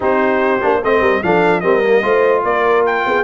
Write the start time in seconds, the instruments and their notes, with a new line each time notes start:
0.00 tuba C4, trombone D#4, horn G4, trumpet C5
0.61 tuba A#3, trombone D4
0.83 tuba A3, trombone C4, horn C5, trumpet D#5
1.00 tuba G3, horn A#4
1.23 tuba F3, trombone D4, horn A4, trumpet F5
1.60 tuba G3, trombone C4, horn A#4, trumpet D#5
1.83 trombone A#3
2.02 tuba A3, trombone F4, horn C5
2.43 tuba A#3, horn A#4, trumpet D5
2.86 trumpet G5
3.06 tuba B3, horn G#4